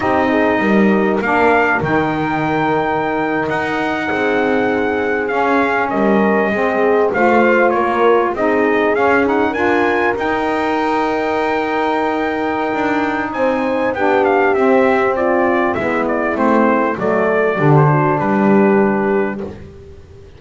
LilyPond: <<
  \new Staff \with { instrumentName = "trumpet" } { \time 4/4 \tempo 4 = 99 dis''2 f''4 g''4~ | g''4.~ g''16 fis''2~ fis''16~ | fis''8. f''4 dis''2 f''16~ | f''8. cis''4 dis''4 f''8 fis''8 gis''16~ |
gis''8. g''2.~ g''16~ | g''2 gis''4 g''8 f''8 | e''4 d''4 e''8 d''8 c''4 | d''4~ d''16 c''8. b'2 | }
  \new Staff \with { instrumentName = "horn" } { \time 4/4 g'8 gis'8 ais'2.~ | ais'2~ ais'8. gis'4~ gis'16~ | gis'4.~ gis'16 ais'4 gis'4 c''16~ | c''8. ais'4 gis'2 ais'16~ |
ais'1~ | ais'2 c''4 g'4~ | g'4 f'4 e'2 | a'4 g'8 fis'8 g'2 | }
  \new Staff \with { instrumentName = "saxophone" } { \time 4/4 dis'2 d'4 dis'4~ | dis'1~ | dis'8. cis'2 c'4 f'16~ | f'4.~ f'16 dis'4 cis'8 dis'8 f'16~ |
f'8. dis'2.~ dis'16~ | dis'2. d'4 | c'2 b4 c'4 | a4 d'2. | }
  \new Staff \with { instrumentName = "double bass" } { \time 4/4 c'4 g4 ais4 dis4~ | dis4.~ dis16 dis'4 c'4~ c'16~ | c'8. cis'4 g4 gis4 a16~ | a8. ais4 c'4 cis'4 d'16~ |
d'8. dis'2.~ dis'16~ | dis'4 d'4 c'4 b4 | c'2 gis4 a4 | fis4 d4 g2 | }
>>